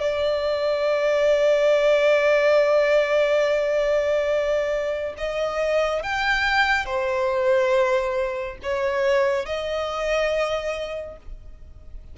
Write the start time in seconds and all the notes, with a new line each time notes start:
0.00 D5
5.17 D#5
6.03 G5
6.85 C5
8.63 C#5
9.45 D#5